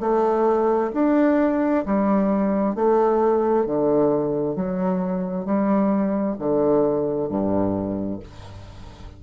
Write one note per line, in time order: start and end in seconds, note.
0.00 0.91 A3
0.94 1.85 D4
1.86 2.75 G3
2.75 3.66 A3
3.66 4.55 D3
4.55 5.45 F#3
5.45 6.36 G3
6.39 7.29 D3
7.29 8.19 G2